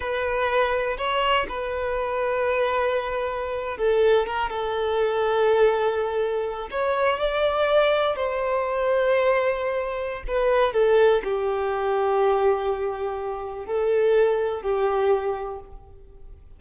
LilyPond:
\new Staff \with { instrumentName = "violin" } { \time 4/4 \tempo 4 = 123 b'2 cis''4 b'4~ | b'2.~ b'8. a'16~ | a'8. ais'8 a'2~ a'8.~ | a'4.~ a'16 cis''4 d''4~ d''16~ |
d''8. c''2.~ c''16~ | c''4 b'4 a'4 g'4~ | g'1 | a'2 g'2 | }